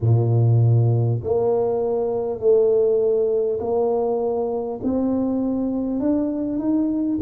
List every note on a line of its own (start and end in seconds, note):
0.01 1.21 A#2
1.23 2.39 A#3
2.39 3.59 A3
3.60 4.80 A#3
4.83 6.00 C4
6.00 6.58 D4
6.58 7.18 D#4